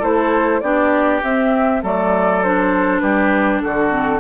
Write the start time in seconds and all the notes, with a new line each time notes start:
0.00 A3 E4 A4 C5
0.61 B3 D4 G4 D5
1.23 C4 E5
1.83 F#3 A3 A4 D5
2.44 D4 C5
3.00 G3 G4 B4
3.62 D3 F#4 A4
3.90 C4